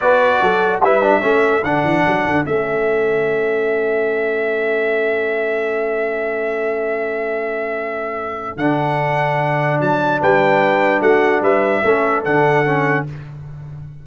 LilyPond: <<
  \new Staff \with { instrumentName = "trumpet" } { \time 4/4 \tempo 4 = 147 d''2 e''2 | fis''2 e''2~ | e''1~ | e''1~ |
e''1~ | e''4 fis''2. | a''4 g''2 fis''4 | e''2 fis''2 | }
  \new Staff \with { instrumentName = "horn" } { \time 4/4 b'4 a'4 b'4 a'4~ | a'1~ | a'1~ | a'1~ |
a'1~ | a'1~ | a'4 b'2 fis'4 | b'4 a'2. | }
  \new Staff \with { instrumentName = "trombone" } { \time 4/4 fis'2 e'8 d'8 cis'4 | d'2 cis'2~ | cis'1~ | cis'1~ |
cis'1~ | cis'4 d'2.~ | d'1~ | d'4 cis'4 d'4 cis'4 | }
  \new Staff \with { instrumentName = "tuba" } { \time 4/4 b4 fis4 g4 a4 | d8 e8 fis8 d8 a2~ | a1~ | a1~ |
a1~ | a4 d2. | fis4 g2 a4 | g4 a4 d2 | }
>>